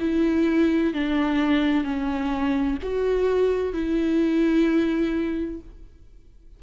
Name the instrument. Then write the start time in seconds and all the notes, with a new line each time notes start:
viola
0.00 E4
0.94 D4
1.84 C#4
2.82 F#4
3.73 E4